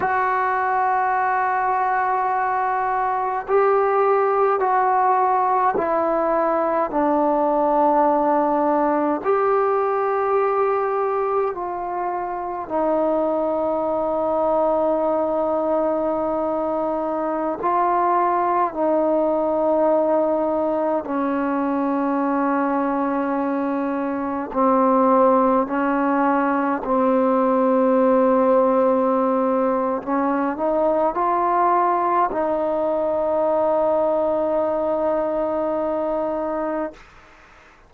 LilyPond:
\new Staff \with { instrumentName = "trombone" } { \time 4/4 \tempo 4 = 52 fis'2. g'4 | fis'4 e'4 d'2 | g'2 f'4 dis'4~ | dis'2.~ dis'16 f'8.~ |
f'16 dis'2 cis'4.~ cis'16~ | cis'4~ cis'16 c'4 cis'4 c'8.~ | c'2 cis'8 dis'8 f'4 | dis'1 | }